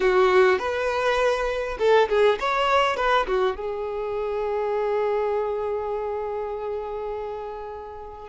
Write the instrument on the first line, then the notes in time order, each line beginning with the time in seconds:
violin
0.00 F#4
0.58 B4
1.78 A4
2.08 G#4
2.39 C#5
2.96 B4
3.26 F#4
3.56 G#4